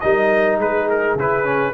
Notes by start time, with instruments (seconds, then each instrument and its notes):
0.00 tuba G3, trombone D#4, horn A#4, trumpet D#5
0.58 tuba G#3, horn G#4, trumpet B4
0.89 trumpet A#4
1.15 tuba C#3, trombone E4, trumpet B4
1.44 trombone C#4